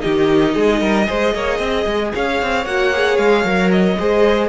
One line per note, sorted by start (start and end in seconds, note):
0.00 0.55 D#3
0.00 1.05 D#4
0.00 0.54 G4
0.00 2.11 D#5
0.54 0.80 G#3
0.54 0.80 G#4
0.80 1.07 G3
0.80 1.06 A#4
1.06 1.34 G#3
1.06 2.64 G#4
1.06 1.34 C5
1.34 1.59 A#3
1.34 1.58 C#5
1.58 1.85 C4
1.58 2.11 D#5
1.86 2.12 G#3
2.15 2.41 C#4
2.15 3.99 C#5
2.15 2.65 F5
2.41 2.65 C4
2.65 3.18 A#3
2.65 2.93 F#4
2.65 3.17 F#5
2.93 3.44 G#4
3.17 3.44 G#3
3.17 3.70 F5
3.44 3.97 F#3
3.44 3.97 A#4
3.71 4.49 D#5
3.99 4.49 G#3
3.99 4.49 G#4
3.99 4.49 C5